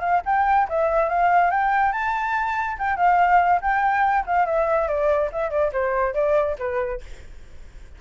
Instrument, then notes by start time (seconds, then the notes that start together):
flute
0.00 F5
0.25 G5
0.69 E5
1.09 F5
1.50 G5
1.92 A5
2.78 G5
2.97 F5
3.61 G5
4.26 F5
4.46 E5
4.87 D5
5.32 E5
5.50 D5
5.72 C5
6.14 D5
6.59 B4